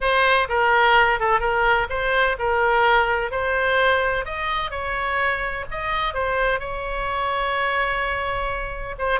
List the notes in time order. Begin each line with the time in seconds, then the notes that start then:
0.00 C5
0.48 A#4
1.19 A4
1.40 A#4
1.89 C5
2.38 A#4
3.31 C5
4.25 D#5
4.71 C#5
5.71 D#5
6.14 C5
6.59 C#5
8.98 C5